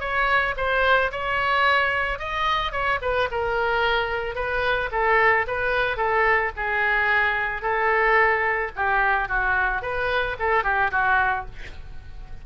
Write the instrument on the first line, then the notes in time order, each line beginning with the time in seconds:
oboe
0.00 C#5
0.57 C5
1.11 C#5
2.19 D#5
2.72 C#5
3.01 B4
3.31 A#4
4.35 B4
4.91 A4
5.47 B4
5.97 A4
6.56 G#4
7.62 A4
8.76 G4
9.28 F#4
9.82 B4
10.39 A4
10.63 G4
10.91 F#4